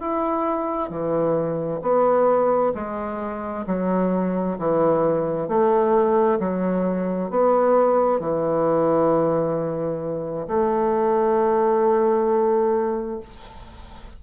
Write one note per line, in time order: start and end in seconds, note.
0.00 0.90 E4
0.90 1.81 E3
1.82 2.73 B3
2.75 3.66 G#3
3.67 4.58 F#3
4.59 5.48 E3
5.48 6.39 A3
6.39 7.30 F#3
7.30 8.20 B3
8.20 10.47 E3
10.48 13.20 A3